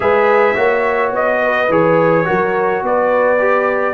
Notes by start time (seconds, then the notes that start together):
0.00 G#3 G#4 B4 E5
0.55 A#3 F#4 C#5
1.12 B3 D#5
1.43 B4
1.69 E3 G#4 C#5
2.25 F#3 F#4 A#4
2.82 B3 B4 D5
3.39 G4